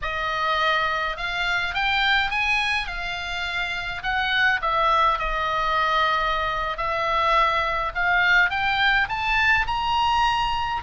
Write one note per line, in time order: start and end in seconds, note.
0.02 1.17 D#5
1.17 1.74 F5
1.74 2.30 G5
2.30 2.87 G#5
2.87 4.02 F5
4.02 4.60 F#5
4.61 5.18 E5
5.18 6.77 D#5
6.77 7.92 E5
7.94 8.50 F5
8.50 9.07 G5
9.08 9.66 A5
9.66 10.82 A#5